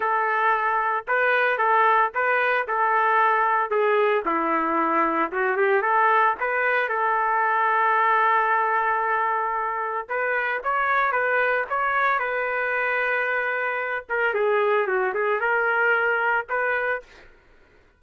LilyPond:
\new Staff \with { instrumentName = "trumpet" } { \time 4/4 \tempo 4 = 113 a'2 b'4 a'4 | b'4 a'2 gis'4 | e'2 fis'8 g'8 a'4 | b'4 a'2.~ |
a'2. b'4 | cis''4 b'4 cis''4 b'4~ | b'2~ b'8 ais'8 gis'4 | fis'8 gis'8 ais'2 b'4 | }